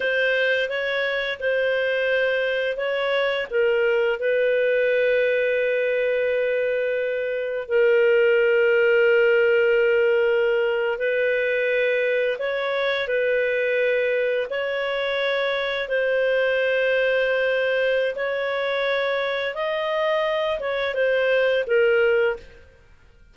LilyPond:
\new Staff \with { instrumentName = "clarinet" } { \time 4/4 \tempo 4 = 86 c''4 cis''4 c''2 | cis''4 ais'4 b'2~ | b'2. ais'4~ | ais'2.~ ais'8. b'16~ |
b'4.~ b'16 cis''4 b'4~ b'16~ | b'8. cis''2 c''4~ c''16~ | c''2 cis''2 | dis''4. cis''8 c''4 ais'4 | }